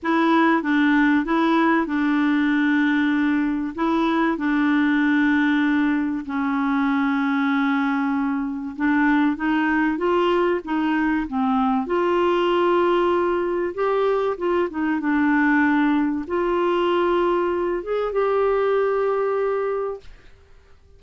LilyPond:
\new Staff \with { instrumentName = "clarinet" } { \time 4/4 \tempo 4 = 96 e'4 d'4 e'4 d'4~ | d'2 e'4 d'4~ | d'2 cis'2~ | cis'2 d'4 dis'4 |
f'4 dis'4 c'4 f'4~ | f'2 g'4 f'8 dis'8 | d'2 f'2~ | f'8 gis'8 g'2. | }